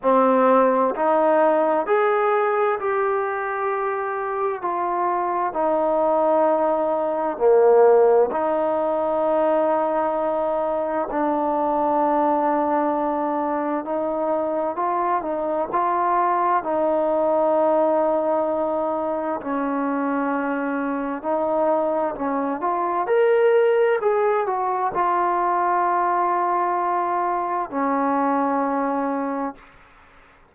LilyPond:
\new Staff \with { instrumentName = "trombone" } { \time 4/4 \tempo 4 = 65 c'4 dis'4 gis'4 g'4~ | g'4 f'4 dis'2 | ais4 dis'2. | d'2. dis'4 |
f'8 dis'8 f'4 dis'2~ | dis'4 cis'2 dis'4 | cis'8 f'8 ais'4 gis'8 fis'8 f'4~ | f'2 cis'2 | }